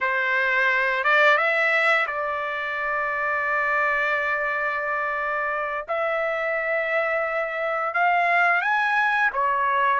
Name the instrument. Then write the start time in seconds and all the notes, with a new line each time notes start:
trumpet
0.01 C5
1.03 D5
1.37 E5
2.07 D5
5.88 E5
7.93 F5
8.61 G#5
9.33 C#5